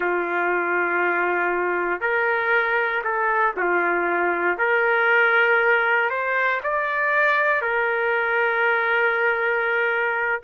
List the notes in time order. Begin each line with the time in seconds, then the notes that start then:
0.00 F4
2.00 A#4
3.04 A4
3.57 F4
4.58 A#4
6.10 C5
6.63 D5
7.61 A#4